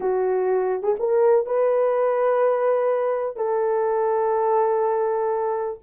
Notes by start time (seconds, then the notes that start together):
0.00 F#4
0.82 G#4
0.99 A#4
1.46 B4
3.36 A4